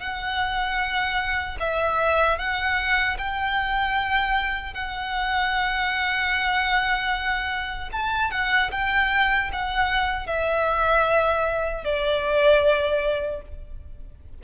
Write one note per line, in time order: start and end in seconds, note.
0.00 1.58 F#5
1.60 2.39 E5
2.39 3.18 F#5
3.19 4.74 G5
4.74 7.90 F#5
7.93 8.31 A5
8.31 8.71 F#5
8.72 9.51 G5
9.53 10.27 F#5
10.27 11.85 E5
11.85 13.42 D5